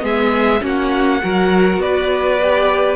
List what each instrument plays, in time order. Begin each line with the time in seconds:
0.00 cello G#3, viola B3, violin G#4 E5
0.61 cello A#3, viola C#4, violin F#4 F#5
1.22 cello F#3, viola F#4, violin A#4
1.77 cello B3, violin B4 D5
2.42 viola G4